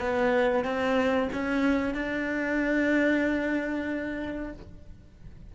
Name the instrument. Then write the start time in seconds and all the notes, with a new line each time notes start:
cello
0.00 B3
0.64 C4
1.32 C#4
1.94 D4